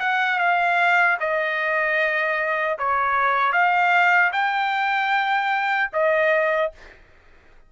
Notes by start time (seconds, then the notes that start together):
0.00 F#5
0.39 F5
1.20 D#5
2.79 C#5
3.53 F5
4.33 G5
5.93 D#5